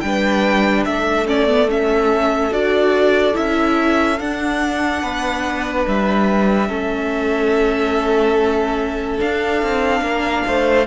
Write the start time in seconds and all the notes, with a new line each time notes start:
0.00 G3 D4 B4 G5
0.85 A3 A4 E5
1.26 C#4 D5
1.47 B3
1.68 C#4 E5
2.51 D4 F#4 D5
3.33 C#4 E4 E5
4.19 D4 F#5
5.02 B3 B4
5.87 G3 E5
6.68 A3 C#4 A4
9.18 D4 F5
9.62 C4
10.01 A#3 A#4
10.47 A3 C5